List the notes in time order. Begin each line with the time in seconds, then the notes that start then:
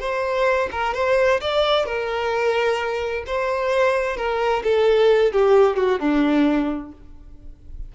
0.00 C5
0.72 A#4
0.94 C5
1.41 D5
1.86 A#4
3.26 C5
4.17 A#4
4.64 A4
5.32 G4
5.77 F#4
6.00 D4